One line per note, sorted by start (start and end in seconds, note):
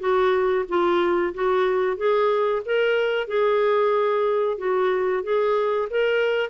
0.00 0.65 F#4
0.68 1.34 F4
1.34 1.97 F#4
1.97 2.62 G#4
2.65 3.27 A#4
3.27 4.58 G#4
4.58 5.23 F#4
5.24 5.89 G#4
5.90 6.50 A#4